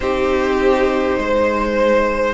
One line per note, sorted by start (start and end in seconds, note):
0.00 1.17 C4
0.00 2.34 D#4
0.00 1.18 G4
0.00 2.33 C5
1.17 2.34 G#3
1.17 2.34 C5